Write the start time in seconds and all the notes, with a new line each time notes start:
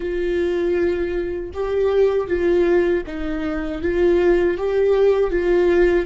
0.00 F4
1.53 G4
2.27 F4
3.06 D#4
3.81 F4
4.57 G4
5.31 F4